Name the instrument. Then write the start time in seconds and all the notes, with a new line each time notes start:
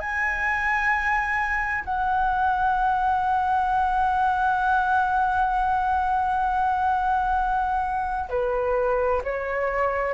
flute
0.00 G#5
1.85 F#5
8.30 B4
9.24 C#5